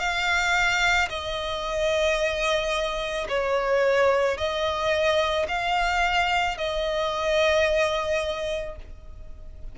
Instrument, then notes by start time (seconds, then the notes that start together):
violin
0.00 F5
1.10 D#5
3.29 C#5
4.38 D#5
5.48 F5
6.58 D#5